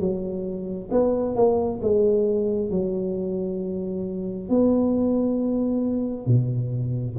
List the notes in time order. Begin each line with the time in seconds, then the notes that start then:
0.00 F#3
0.92 B3
1.36 A#3
1.83 G#3
2.71 F#3
4.50 B3
6.27 B2